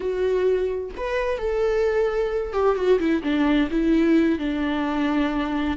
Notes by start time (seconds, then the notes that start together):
0.00 F#4
0.97 B4
1.38 A4
2.53 G4
2.75 F#4
2.99 E4
3.23 D4
3.70 E4
4.38 D4